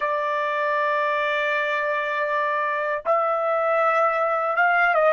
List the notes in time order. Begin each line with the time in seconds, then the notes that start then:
0.00 D5
3.05 E5
4.56 F5
4.94 D#5